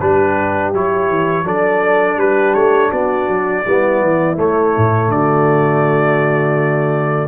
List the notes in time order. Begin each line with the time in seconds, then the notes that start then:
0.00 G3 D4 G4 B4
0.73 F#3 E4 C#5
1.09 E3
1.44 F#3 D4 A4 D5
2.17 G3 G4 B4
2.54 A3 C#5
2.90 B3 F#4 D5
3.28 F#3
3.64 G3 B3 E4
4.01 E3
4.37 A3 C#5
4.77 A2
5.08 D3 F#4 D5